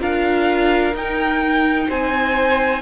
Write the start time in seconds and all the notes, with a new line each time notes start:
0.00 D4 F4 A#4 F5
0.94 D#4 G5
1.88 C4 C5 G#5